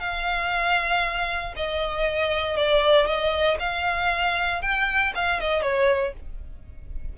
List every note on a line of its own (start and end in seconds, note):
0.00 1.54 F5
1.56 2.57 D#5
2.57 3.06 D5
3.06 3.58 D#5
3.60 4.62 F5
4.62 5.13 G5
5.15 5.40 F5
5.40 5.62 D#5
5.62 6.14 C#5